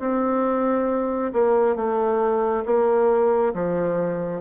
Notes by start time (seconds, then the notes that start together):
0.00 C4
1.33 A#3
1.76 A3
2.65 A#3
3.54 F3